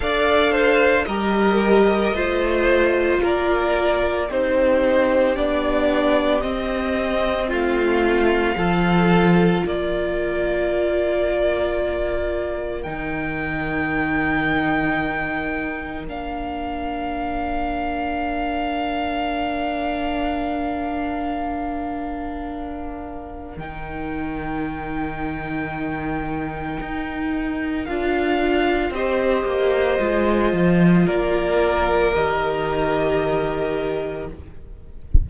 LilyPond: <<
  \new Staff \with { instrumentName = "violin" } { \time 4/4 \tempo 4 = 56 f''4 dis''2 d''4 | c''4 d''4 dis''4 f''4~ | f''4 d''2. | g''2. f''4~ |
f''1~ | f''2 g''2~ | g''2 f''4 dis''4~ | dis''4 d''4 dis''2 | }
  \new Staff \with { instrumentName = "violin" } { \time 4/4 d''8 c''8 ais'4 c''4 ais'4 | g'2. f'4 | a'4 ais'2.~ | ais'1~ |
ais'1~ | ais'1~ | ais'2. c''4~ | c''4 ais'2. | }
  \new Staff \with { instrumentName = "viola" } { \time 4/4 a'4 g'4 f'2 | dis'4 d'4 c'2 | f'1 | dis'2. d'4~ |
d'1~ | d'2 dis'2~ | dis'2 f'4 g'4 | f'2 g'2 | }
  \new Staff \with { instrumentName = "cello" } { \time 4/4 d'4 g4 a4 ais4 | c'4 b4 c'4 a4 | f4 ais2. | dis2. ais4~ |
ais1~ | ais2 dis2~ | dis4 dis'4 d'4 c'8 ais8 | gis8 f8 ais4 dis2 | }
>>